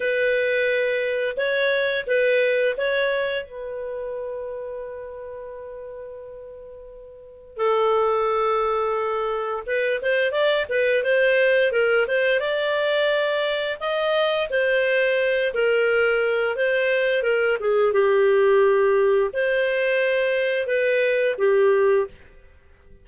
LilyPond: \new Staff \with { instrumentName = "clarinet" } { \time 4/4 \tempo 4 = 87 b'2 cis''4 b'4 | cis''4 b'2.~ | b'2. a'4~ | a'2 b'8 c''8 d''8 b'8 |
c''4 ais'8 c''8 d''2 | dis''4 c''4. ais'4. | c''4 ais'8 gis'8 g'2 | c''2 b'4 g'4 | }